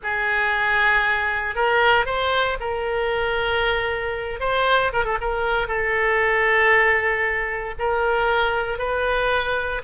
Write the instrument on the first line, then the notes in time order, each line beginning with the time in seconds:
oboe
0.03 G#4
1.55 A#4
2.05 C5
2.60 A#4
4.40 C5
4.93 A#4
5.05 A4
5.21 A#4
5.67 A4
7.78 A#4
8.78 B4